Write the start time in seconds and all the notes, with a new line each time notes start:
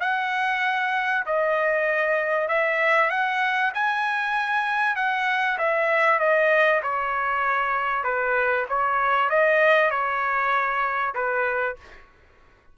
0.00 F#5
1.25 D#5
2.48 E5
3.10 F#5
3.74 G#5
4.95 F#5
5.58 E5
6.19 D#5
6.82 C#5
8.04 B4
8.69 C#5
9.29 D#5
9.90 C#5
11.14 B4